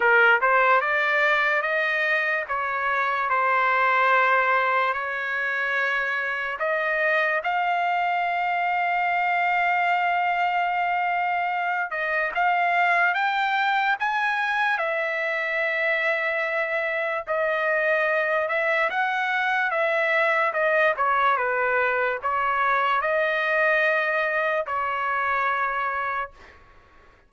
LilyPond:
\new Staff \with { instrumentName = "trumpet" } { \time 4/4 \tempo 4 = 73 ais'8 c''8 d''4 dis''4 cis''4 | c''2 cis''2 | dis''4 f''2.~ | f''2~ f''8 dis''8 f''4 |
g''4 gis''4 e''2~ | e''4 dis''4. e''8 fis''4 | e''4 dis''8 cis''8 b'4 cis''4 | dis''2 cis''2 | }